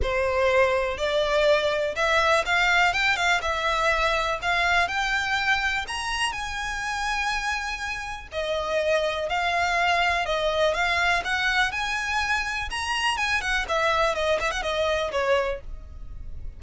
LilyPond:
\new Staff \with { instrumentName = "violin" } { \time 4/4 \tempo 4 = 123 c''2 d''2 | e''4 f''4 g''8 f''8 e''4~ | e''4 f''4 g''2 | ais''4 gis''2.~ |
gis''4 dis''2 f''4~ | f''4 dis''4 f''4 fis''4 | gis''2 ais''4 gis''8 fis''8 | e''4 dis''8 e''16 fis''16 dis''4 cis''4 | }